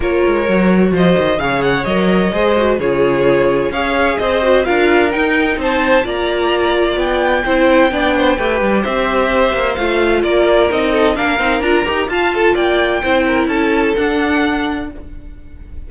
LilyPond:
<<
  \new Staff \with { instrumentName = "violin" } { \time 4/4 \tempo 4 = 129 cis''2 dis''4 f''8 fis''8 | dis''2 cis''2 | f''4 dis''4 f''4 g''4 | a''4 ais''2 g''4~ |
g''2. e''4~ | e''4 f''4 d''4 dis''4 | f''4 ais''4 a''4 g''4~ | g''4 a''4 fis''2 | }
  \new Staff \with { instrumentName = "violin" } { \time 4/4 ais'2 c''4 cis''4~ | cis''4 c''4 gis'2 | cis''4 c''4 ais'2 | c''4 d''2. |
c''4 d''8 c''8 b'4 c''4~ | c''2 ais'4. a'8 | ais'2 f''8 a'8 d''4 | c''8 ais'8 a'2. | }
  \new Staff \with { instrumentName = "viola" } { \time 4/4 f'4 fis'2 gis'4 | ais'4 gis'8 fis'8 f'2 | gis'4. fis'8 f'4 dis'4~ | dis'4 f'2. |
e'4 d'4 g'2~ | g'4 f'2 dis'4 | d'8 dis'8 f'8 g'8 f'2 | e'2 d'2 | }
  \new Staff \with { instrumentName = "cello" } { \time 4/4 ais8 gis8 fis4 f8 dis8 cis4 | fis4 gis4 cis2 | cis'4 c'4 d'4 dis'4 | c'4 ais2 b4 |
c'4 b4 a8 g8 c'4~ | c'8 ais8 a4 ais4 c'4 | ais8 c'8 d'8 dis'8 f'4 ais4 | c'4 cis'4 d'2 | }
>>